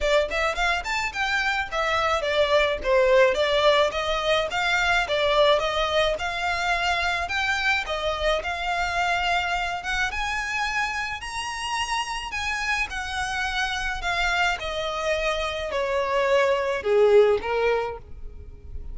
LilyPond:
\new Staff \with { instrumentName = "violin" } { \time 4/4 \tempo 4 = 107 d''8 e''8 f''8 a''8 g''4 e''4 | d''4 c''4 d''4 dis''4 | f''4 d''4 dis''4 f''4~ | f''4 g''4 dis''4 f''4~ |
f''4. fis''8 gis''2 | ais''2 gis''4 fis''4~ | fis''4 f''4 dis''2 | cis''2 gis'4 ais'4 | }